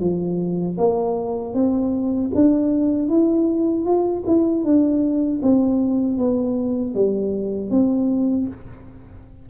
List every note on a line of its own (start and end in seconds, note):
0.00 0.77 F3
0.78 1.55 A#3
1.55 2.31 C4
2.35 3.09 D4
3.09 3.86 E4
3.86 4.24 F4
4.27 4.64 E4
4.64 5.41 D4
5.43 6.19 C4
6.19 6.95 B3
6.95 7.71 G3
7.71 8.48 C4